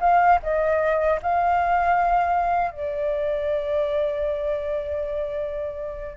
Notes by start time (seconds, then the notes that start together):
0.00 F5
0.42 D#5
1.22 F5
2.71 D5